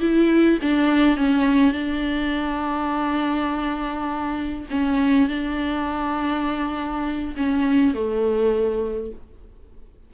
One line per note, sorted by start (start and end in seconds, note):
0.00 0.59 E4
0.62 1.17 D4
1.17 1.72 C#4
1.72 4.66 D4
4.71 5.29 C#4
5.29 7.34 D4
7.37 7.94 C#4
7.94 9.12 A3